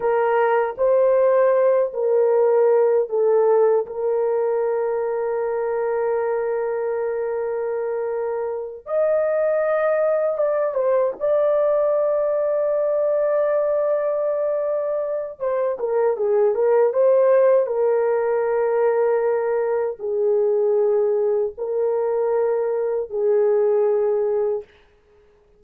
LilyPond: \new Staff \with { instrumentName = "horn" } { \time 4/4 \tempo 4 = 78 ais'4 c''4. ais'4. | a'4 ais'2.~ | ais'2.~ ais'8 dis''8~ | dis''4. d''8 c''8 d''4.~ |
d''1 | c''8 ais'8 gis'8 ais'8 c''4 ais'4~ | ais'2 gis'2 | ais'2 gis'2 | }